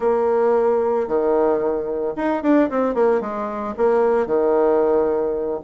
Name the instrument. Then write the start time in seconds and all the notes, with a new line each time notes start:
bassoon
0.00 A#3
1.07 D#3
2.16 D#4
2.43 D4
2.69 C4
2.94 A#3
3.20 G#3
3.77 A#3
4.26 D#3